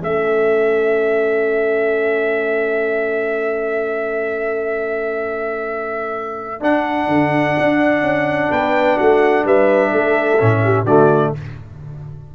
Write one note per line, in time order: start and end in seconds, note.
0.00 6.62 A3
0.00 6.60 C#4
0.00 8.50 A4
0.00 6.63 E5
6.60 10.38 D4
6.60 7.07 D4
6.60 8.52 F#5
7.07 7.55 D3
7.58 8.02 D4
8.02 8.50 C#4
8.50 8.99 B3
8.50 8.97 B4
8.50 8.98 G5
8.97 9.45 A3
8.97 9.44 F#4
8.97 9.46 F#5
9.45 9.92 G3
9.45 9.91 B4
9.45 10.86 E5
9.91 10.41 A3
9.91 10.62 A4
10.39 10.84 A2
10.39 10.86 C#4
10.64 10.86 G4
10.84 11.31 D3
10.84 11.35 A3
10.84 11.33 F#4
10.84 11.33 D5